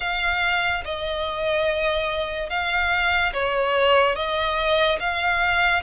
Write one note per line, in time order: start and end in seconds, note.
0.00 0.83 F5
0.84 2.49 D#5
2.49 3.33 F5
3.33 4.15 C#5
4.15 4.98 D#5
4.99 5.83 F5